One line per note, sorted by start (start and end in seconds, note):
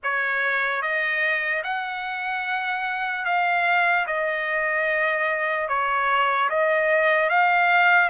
0.03 0.81 C#5
0.81 1.63 D#5
1.63 3.25 F#5
3.25 4.06 F5
4.07 5.68 D#5
5.68 6.49 C#5
6.49 7.29 D#5
7.29 8.09 F5